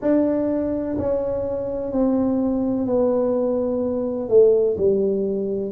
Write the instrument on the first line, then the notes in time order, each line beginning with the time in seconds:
tuba
0.01 D4
0.97 C#4
1.92 C4
2.86 B3
4.29 A3
4.77 G3